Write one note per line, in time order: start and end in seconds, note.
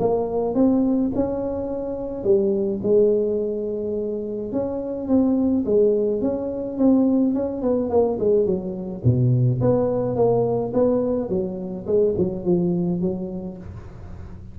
0.00 0.55 A#3
0.55 1.12 C4
1.15 2.24 C#4
2.24 2.81 G3
2.83 4.53 G#3
4.53 5.08 C#4
5.08 5.65 C4
5.66 6.22 G#3
6.22 6.78 C#4
6.78 7.35 C4
7.35 7.62 C#4
7.62 7.90 B3
7.90 8.18 A#3
8.20 8.46 G#3
8.46 9.03 F#3
9.04 9.61 B2
9.61 10.16 B3
10.16 10.73 A#3
10.74 11.30 B3
11.30 11.86 F#3
11.87 12.15 G#3
12.18 12.45 F#3
12.45 13.01 F3
13.01 13.58 F#3